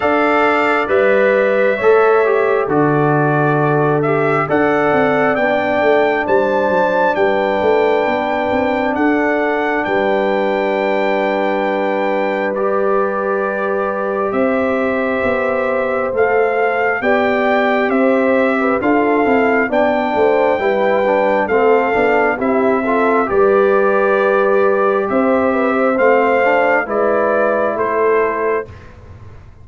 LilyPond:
<<
  \new Staff \with { instrumentName = "trumpet" } { \time 4/4 \tempo 4 = 67 f''4 e''2 d''4~ | d''8 e''8 fis''4 g''4 a''4 | g''2 fis''4 g''4~ | g''2 d''2 |
e''2 f''4 g''4 | e''4 f''4 g''2 | f''4 e''4 d''2 | e''4 f''4 d''4 c''4 | }
  \new Staff \with { instrumentName = "horn" } { \time 4/4 d''2 cis''4 a'4~ | a'4 d''2 c''4 | b'2 a'4 b'4~ | b'1 |
c''2. d''4 | c''8. b'16 a'4 d''8 c''8 b'4 | a'4 g'8 a'8 b'2 | c''8 b'16 c''4~ c''16 b'4 a'4 | }
  \new Staff \with { instrumentName = "trombone" } { \time 4/4 a'4 b'4 a'8 g'8 fis'4~ | fis'8 g'8 a'4 d'2~ | d'1~ | d'2 g'2~ |
g'2 a'4 g'4~ | g'4 f'8 e'8 d'4 e'8 d'8 | c'8 d'8 e'8 f'8 g'2~ | g'4 c'8 d'8 e'2 | }
  \new Staff \with { instrumentName = "tuba" } { \time 4/4 d'4 g4 a4 d4~ | d4 d'8 c'8 b8 a8 g8 fis8 | g8 a8 b8 c'8 d'4 g4~ | g1 |
c'4 b4 a4 b4 | c'4 d'8 c'8 b8 a8 g4 | a8 b8 c'4 g2 | c'4 a4 gis4 a4 | }
>>